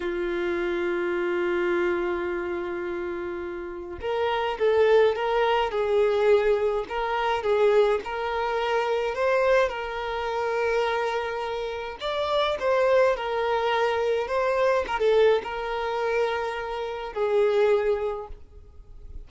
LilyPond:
\new Staff \with { instrumentName = "violin" } { \time 4/4 \tempo 4 = 105 f'1~ | f'2. ais'4 | a'4 ais'4 gis'2 | ais'4 gis'4 ais'2 |
c''4 ais'2.~ | ais'4 d''4 c''4 ais'4~ | ais'4 c''4 ais'16 a'8. ais'4~ | ais'2 gis'2 | }